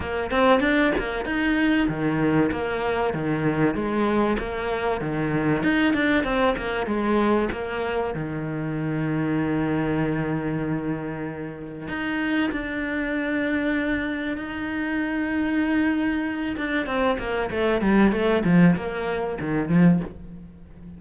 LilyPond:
\new Staff \with { instrumentName = "cello" } { \time 4/4 \tempo 4 = 96 ais8 c'8 d'8 ais8 dis'4 dis4 | ais4 dis4 gis4 ais4 | dis4 dis'8 d'8 c'8 ais8 gis4 | ais4 dis2.~ |
dis2. dis'4 | d'2. dis'4~ | dis'2~ dis'8 d'8 c'8 ais8 | a8 g8 a8 f8 ais4 dis8 f8 | }